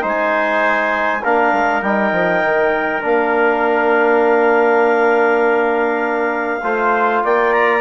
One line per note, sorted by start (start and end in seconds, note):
0.00 1.24 G#3
0.00 1.20 D#4
0.00 1.22 C5
0.07 1.23 G#5
1.23 1.53 A#3
1.23 1.83 D4
1.23 6.62 A#4
1.23 1.82 F5
1.53 1.81 G#3
1.81 2.11 G3
1.81 3.00 D#4
1.81 3.02 G5
2.12 2.42 F3
2.44 3.03 D#3
3.00 6.62 A#3
3.00 6.60 D4
3.00 7.24 F5
6.62 7.22 A3
6.62 7.81 F4
6.62 7.23 C5
7.24 7.81 A#3
7.24 7.81 D5
7.24 7.52 G5
7.52 7.81 A#5